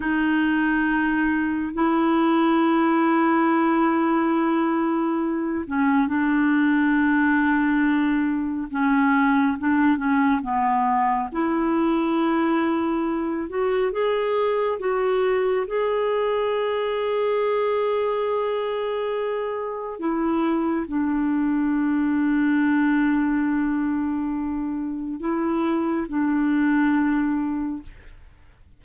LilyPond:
\new Staff \with { instrumentName = "clarinet" } { \time 4/4 \tempo 4 = 69 dis'2 e'2~ | e'2~ e'8 cis'8 d'4~ | d'2 cis'4 d'8 cis'8 | b4 e'2~ e'8 fis'8 |
gis'4 fis'4 gis'2~ | gis'2. e'4 | d'1~ | d'4 e'4 d'2 | }